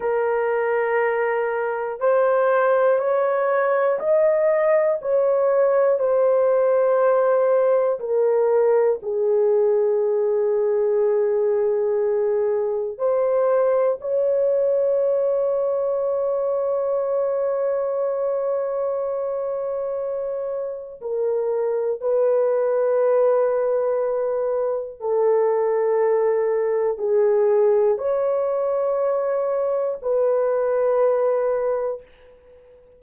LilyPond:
\new Staff \with { instrumentName = "horn" } { \time 4/4 \tempo 4 = 60 ais'2 c''4 cis''4 | dis''4 cis''4 c''2 | ais'4 gis'2.~ | gis'4 c''4 cis''2~ |
cis''1~ | cis''4 ais'4 b'2~ | b'4 a'2 gis'4 | cis''2 b'2 | }